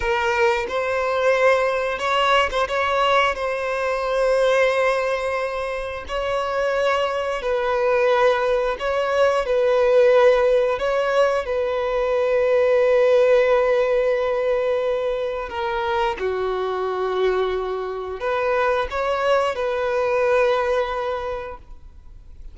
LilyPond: \new Staff \with { instrumentName = "violin" } { \time 4/4 \tempo 4 = 89 ais'4 c''2 cis''8. c''16 | cis''4 c''2.~ | c''4 cis''2 b'4~ | b'4 cis''4 b'2 |
cis''4 b'2.~ | b'2. ais'4 | fis'2. b'4 | cis''4 b'2. | }